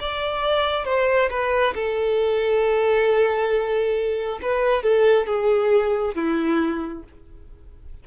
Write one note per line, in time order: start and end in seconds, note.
0.00 0.85 D5
0.85 1.29 C5
1.30 1.74 B4
1.74 4.39 A4
4.42 4.83 B4
4.83 5.27 A4
5.27 6.15 G#4
6.15 7.03 E4